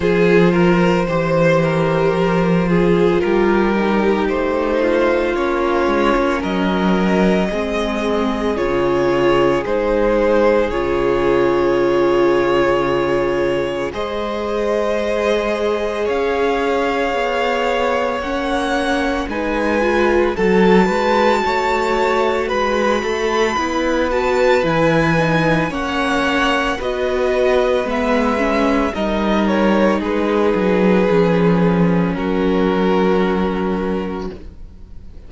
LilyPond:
<<
  \new Staff \with { instrumentName = "violin" } { \time 4/4 \tempo 4 = 56 c''2. ais'4 | c''4 cis''4 dis''2 | cis''4 c''4 cis''2~ | cis''4 dis''2 f''4~ |
f''4 fis''4 gis''4 a''4~ | a''4 b''4. a''8 gis''4 | fis''4 dis''4 e''4 dis''8 cis''8 | b'2 ais'2 | }
  \new Staff \with { instrumentName = "violin" } { \time 4/4 gis'8 ais'8 c''8 ais'4 gis'8 g'4~ | g'8 f'4. ais'4 gis'4~ | gis'1~ | gis'4 c''2 cis''4~ |
cis''2 b'4 a'8 b'8 | cis''4 b'8 a'8 b'2 | cis''4 b'2 ais'4 | gis'2 fis'2 | }
  \new Staff \with { instrumentName = "viola" } { \time 4/4 f'4 g'4. f'4 dis'8~ | dis'4 cis'2 c'4 | f'4 dis'4 f'2~ | f'4 gis'2.~ |
gis'4 cis'4 dis'8 f'8 fis'4~ | fis'2 e'8 fis'8 e'8 dis'8 | cis'4 fis'4 b8 cis'8 dis'4~ | dis'4 cis'2. | }
  \new Staff \with { instrumentName = "cello" } { \time 4/4 f4 e4 f4 g4 | a4 ais8 gis16 ais16 fis4 gis4 | cis4 gis4 cis2~ | cis4 gis2 cis'4 |
b4 ais4 gis4 fis8 gis8 | a4 gis8 a8 b4 e4 | ais4 b4 gis4 g4 | gis8 fis8 f4 fis2 | }
>>